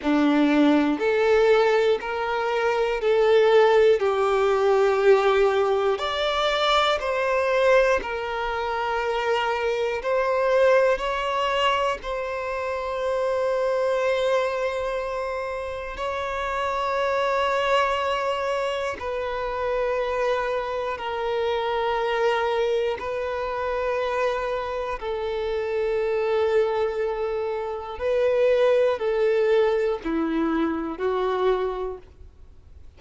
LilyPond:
\new Staff \with { instrumentName = "violin" } { \time 4/4 \tempo 4 = 60 d'4 a'4 ais'4 a'4 | g'2 d''4 c''4 | ais'2 c''4 cis''4 | c''1 |
cis''2. b'4~ | b'4 ais'2 b'4~ | b'4 a'2. | b'4 a'4 e'4 fis'4 | }